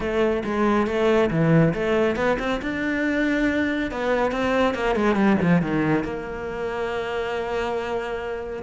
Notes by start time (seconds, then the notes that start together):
0.00 A3
0.44 G#3
0.86 A3
1.30 E3
1.74 A3
2.16 B3
2.39 C4
2.61 D4
3.91 B3
4.31 C4
4.74 A#3
4.95 G#3
5.15 G3
5.41 F3
5.62 D#3
6.04 A#3